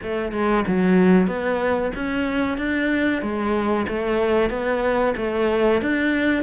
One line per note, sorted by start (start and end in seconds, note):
0.02 0.32 A3
0.32 0.64 G#3
0.67 1.27 F#3
1.27 1.91 B3
1.95 2.57 C#4
2.57 3.22 D4
3.22 3.86 G#3
3.88 4.50 A3
4.50 5.14 B3
5.16 5.81 A3
5.81 6.43 D4